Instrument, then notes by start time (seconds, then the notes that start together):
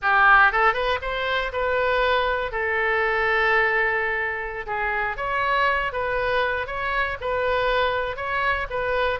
oboe
0.02 G4
0.52 A4
0.73 B4
1.01 C5
1.52 B4
2.51 A4
4.66 G#4
5.17 C#5
5.92 B4
6.66 C#5
7.20 B4
8.16 C#5
8.70 B4